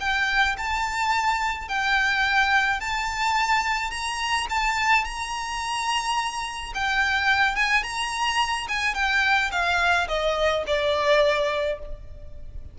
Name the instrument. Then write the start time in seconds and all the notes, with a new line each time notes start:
violin
0.00 G5
0.58 A5
1.68 G5
2.81 A5
3.91 A#5
4.49 A5
5.04 A#5
6.74 G5
7.55 G#5
7.83 A#5
8.68 G#5
8.95 G5
9.52 F5
10.08 D#5
10.67 D5